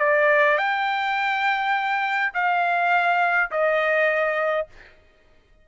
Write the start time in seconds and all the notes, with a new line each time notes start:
0.00 D5
0.58 G5
2.34 F5
3.52 D#5